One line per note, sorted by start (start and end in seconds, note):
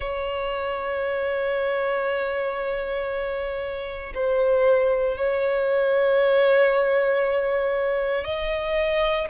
0.00 4.13 C#5
4.14 5.17 C5
5.17 8.24 C#5
8.24 9.28 D#5